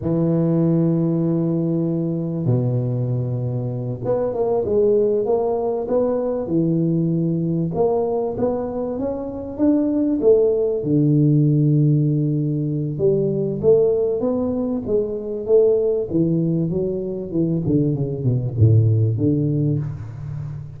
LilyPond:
\new Staff \with { instrumentName = "tuba" } { \time 4/4 \tempo 4 = 97 e1 | b,2~ b,8 b8 ais8 gis8~ | gis8 ais4 b4 e4.~ | e8 ais4 b4 cis'4 d'8~ |
d'8 a4 d2~ d8~ | d4 g4 a4 b4 | gis4 a4 e4 fis4 | e8 d8 cis8 b,8 a,4 d4 | }